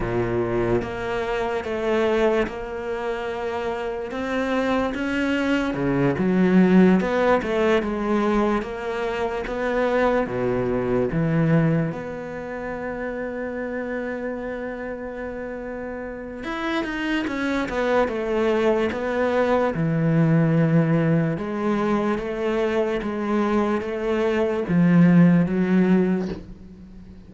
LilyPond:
\new Staff \with { instrumentName = "cello" } { \time 4/4 \tempo 4 = 73 ais,4 ais4 a4 ais4~ | ais4 c'4 cis'4 cis8 fis8~ | fis8 b8 a8 gis4 ais4 b8~ | b8 b,4 e4 b4.~ |
b1 | e'8 dis'8 cis'8 b8 a4 b4 | e2 gis4 a4 | gis4 a4 f4 fis4 | }